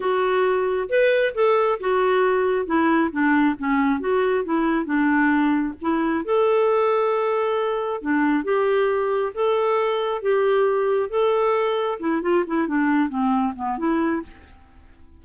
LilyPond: \new Staff \with { instrumentName = "clarinet" } { \time 4/4 \tempo 4 = 135 fis'2 b'4 a'4 | fis'2 e'4 d'4 | cis'4 fis'4 e'4 d'4~ | d'4 e'4 a'2~ |
a'2 d'4 g'4~ | g'4 a'2 g'4~ | g'4 a'2 e'8 f'8 | e'8 d'4 c'4 b8 e'4 | }